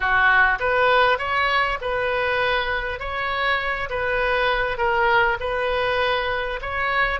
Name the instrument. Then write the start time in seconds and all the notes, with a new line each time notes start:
oboe
0.00 F#4
0.59 B4
1.18 C#5
1.81 B4
2.99 C#5
3.89 B4
4.77 A#4
5.39 B4
6.61 C#5